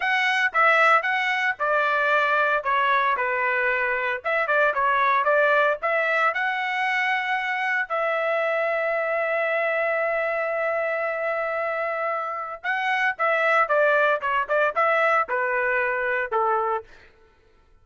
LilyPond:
\new Staff \with { instrumentName = "trumpet" } { \time 4/4 \tempo 4 = 114 fis''4 e''4 fis''4 d''4~ | d''4 cis''4 b'2 | e''8 d''8 cis''4 d''4 e''4 | fis''2. e''4~ |
e''1~ | e''1 | fis''4 e''4 d''4 cis''8 d''8 | e''4 b'2 a'4 | }